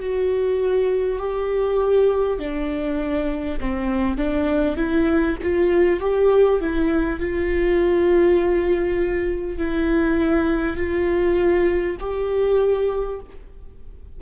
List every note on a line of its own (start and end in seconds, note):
0.00 1.19 F#4
1.19 2.39 G4
2.39 3.59 D4
3.60 4.17 C4
4.17 4.76 D4
4.76 5.36 E4
5.42 6.01 F4
6.01 6.61 G4
6.61 7.19 E4
7.19 9.58 F4
9.58 10.77 E4
10.77 11.97 F4
11.99 13.19 G4